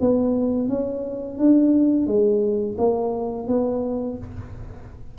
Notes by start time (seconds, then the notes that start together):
0.00 B3
0.68 C#4
1.38 D4
2.06 G#3
2.78 A#3
3.48 B3